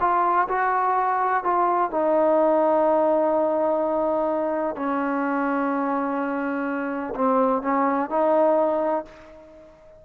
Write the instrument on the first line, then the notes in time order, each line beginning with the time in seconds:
trombone
0.00 F4
0.48 F#4
1.43 F4
1.90 D#4
4.76 C#4
7.15 C4
7.62 C#4
8.09 D#4